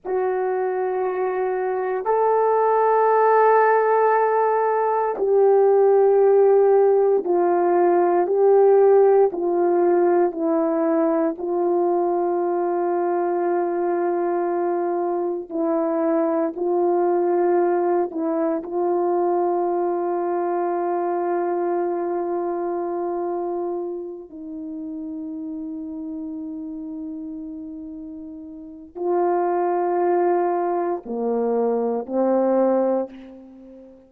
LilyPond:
\new Staff \with { instrumentName = "horn" } { \time 4/4 \tempo 4 = 58 fis'2 a'2~ | a'4 g'2 f'4 | g'4 f'4 e'4 f'4~ | f'2. e'4 |
f'4. e'8 f'2~ | f'2.~ f'8 dis'8~ | dis'1 | f'2 ais4 c'4 | }